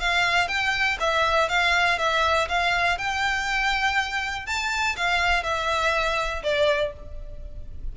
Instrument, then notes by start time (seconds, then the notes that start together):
violin
0.00 F5
0.48 G5
1.00 E5
1.49 F5
1.98 E5
2.48 F5
2.98 G5
4.46 A5
4.96 F5
5.43 E5
6.43 D5